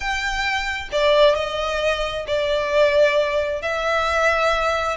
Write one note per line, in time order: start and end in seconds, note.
0.00 0.88 G5
0.92 1.35 D5
1.35 2.25 D#5
2.27 3.62 D5
3.62 4.96 E5